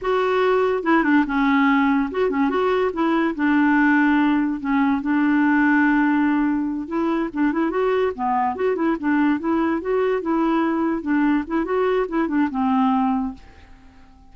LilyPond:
\new Staff \with { instrumentName = "clarinet" } { \time 4/4 \tempo 4 = 144 fis'2 e'8 d'8 cis'4~ | cis'4 fis'8 cis'8 fis'4 e'4 | d'2. cis'4 | d'1~ |
d'8 e'4 d'8 e'8 fis'4 b8~ | b8 fis'8 e'8 d'4 e'4 fis'8~ | fis'8 e'2 d'4 e'8 | fis'4 e'8 d'8 c'2 | }